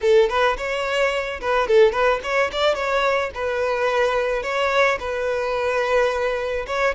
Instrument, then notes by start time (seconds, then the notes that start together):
violin
0.01 A4
0.29 B4
0.57 C#5
1.40 B4
1.67 A4
1.92 B4
2.23 C#5
2.52 D5
2.74 C#5
3.34 B4
4.42 C#5
4.99 B4
6.66 C#5